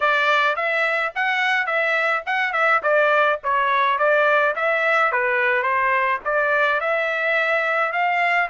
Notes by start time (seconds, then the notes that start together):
0.00 D5
0.56 E5
1.15 F#5
1.66 E5
2.25 F#5
2.53 E5
2.83 D5
3.43 C#5
3.98 D5
4.55 E5
5.11 B4
5.62 C5
6.24 D5
6.80 E5
7.92 F5